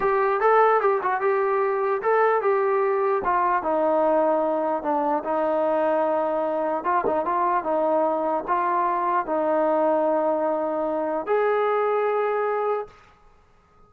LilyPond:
\new Staff \with { instrumentName = "trombone" } { \time 4/4 \tempo 4 = 149 g'4 a'4 g'8 fis'8 g'4~ | g'4 a'4 g'2 | f'4 dis'2. | d'4 dis'2.~ |
dis'4 f'8 dis'8 f'4 dis'4~ | dis'4 f'2 dis'4~ | dis'1 | gis'1 | }